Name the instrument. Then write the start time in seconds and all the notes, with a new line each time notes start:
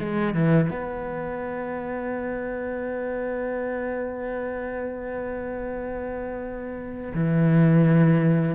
cello
0.00 G#3
0.34 E3
0.70 B3
7.14 E3